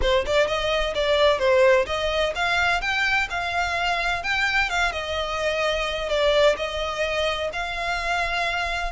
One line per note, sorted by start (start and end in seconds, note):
0.01 0.25 C5
0.26 0.47 D5
0.47 0.94 D#5
0.94 1.38 D5
1.38 1.85 C5
1.86 2.33 D#5
2.35 2.81 F5
2.81 3.27 G5
3.30 4.23 F5
4.23 4.69 G5
4.69 4.92 F5
4.92 6.09 D#5
6.09 6.56 D5
6.56 7.50 D#5
7.52 8.92 F5